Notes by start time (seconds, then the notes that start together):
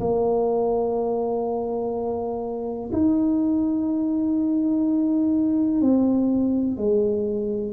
0.00 A#3
2.92 D#4
5.81 C4
6.77 G#3